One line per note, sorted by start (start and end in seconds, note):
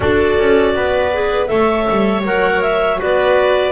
0.00 0.38 D4
0.00 1.11 F#4
0.00 0.75 A4
0.00 1.47 D5
0.38 0.74 C#4
0.74 1.49 B3
0.74 1.50 B4
1.12 1.46 G#4
1.46 1.88 A3
1.46 2.21 A4
1.46 3.00 C#5
1.46 2.22 E5
1.90 2.24 G3
2.24 2.99 F#3
2.24 2.97 A#4
2.24 2.62 F#5
2.62 2.99 E5
2.97 3.71 B3
2.97 3.71 F#4
2.97 3.71 B4
2.97 3.71 D5